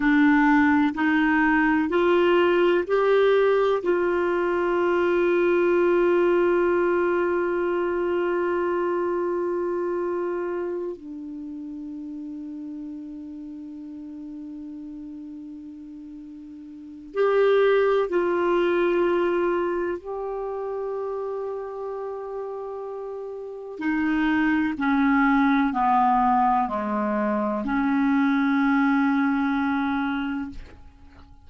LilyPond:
\new Staff \with { instrumentName = "clarinet" } { \time 4/4 \tempo 4 = 63 d'4 dis'4 f'4 g'4 | f'1~ | f'2.~ f'8 d'8~ | d'1~ |
d'2 g'4 f'4~ | f'4 g'2.~ | g'4 dis'4 cis'4 b4 | gis4 cis'2. | }